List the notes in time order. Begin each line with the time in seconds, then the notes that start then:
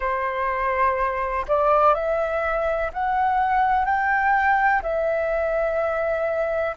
0.00 C5
1.47 D5
1.94 E5
2.93 F#5
3.85 G5
4.82 E5